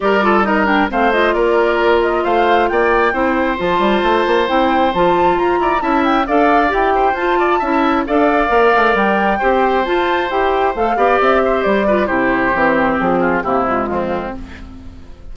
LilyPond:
<<
  \new Staff \with { instrumentName = "flute" } { \time 4/4 \tempo 4 = 134 d''4 dis''8 g''8 f''8 dis''8 d''4~ | d''8 dis''8 f''4 g''2 | a''2 g''4 a''4 | ais''4 a''8 g''8 f''4 g''4 |
a''2 f''2 | g''2 a''4 g''4 | f''4 e''4 d''4 c''4~ | c''4 gis'4 g'8 f'4. | }
  \new Staff \with { instrumentName = "oboe" } { \time 4/4 ais'8 a'8 ais'4 c''4 ais'4~ | ais'4 c''4 d''4 c''4~ | c''1~ | c''8 d''8 e''4 d''4. c''8~ |
c''8 d''8 e''4 d''2~ | d''4 c''2.~ | c''8 d''4 c''4 b'8 g'4~ | g'4. f'8 e'4 c'4 | }
  \new Staff \with { instrumentName = "clarinet" } { \time 4/4 g'8 f'8 dis'8 d'8 c'8 f'4.~ | f'2. e'4 | f'2 e'4 f'4~ | f'4 e'4 a'4 g'4 |
f'4 e'4 a'4 ais'4~ | ais'4 g'4 f'4 g'4 | a'8 g'2 f'8 e'4 | c'2 ais8 gis4. | }
  \new Staff \with { instrumentName = "bassoon" } { \time 4/4 g2 a4 ais4~ | ais4 a4 ais4 c'4 | f8 g8 a8 ais8 c'4 f4 | f'8 e'8 cis'4 d'4 e'4 |
f'4 cis'4 d'4 ais8 a8 | g4 c'4 f'4 e'4 | a8 b8 c'4 g4 c4 | e4 f4 c4 f,4 | }
>>